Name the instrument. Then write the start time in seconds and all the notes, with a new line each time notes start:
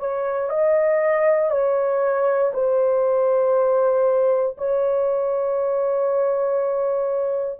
horn
0.00 C#5
0.50 D#5
1.51 C#5
2.54 C5
4.58 C#5